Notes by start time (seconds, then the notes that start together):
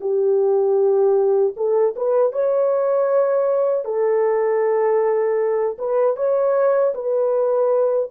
0.00 G4
1.56 A4
1.95 B4
2.32 C#5
3.84 A4
5.78 B4
6.16 C#5
6.94 B4